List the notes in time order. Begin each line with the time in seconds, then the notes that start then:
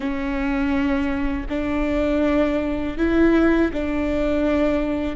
0.00 C#4
1.49 D4
2.97 E4
3.72 D4